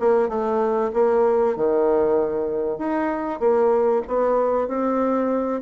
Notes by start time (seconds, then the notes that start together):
0.00 A#3
0.29 A3
0.93 A#3
1.56 D#3
2.78 D#4
3.40 A#3
4.08 B3
4.68 C4